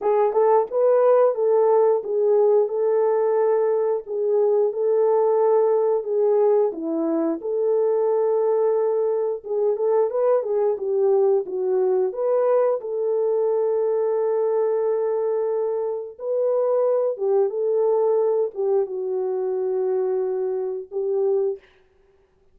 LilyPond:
\new Staff \with { instrumentName = "horn" } { \time 4/4 \tempo 4 = 89 gis'8 a'8 b'4 a'4 gis'4 | a'2 gis'4 a'4~ | a'4 gis'4 e'4 a'4~ | a'2 gis'8 a'8 b'8 gis'8 |
g'4 fis'4 b'4 a'4~ | a'1 | b'4. g'8 a'4. g'8 | fis'2. g'4 | }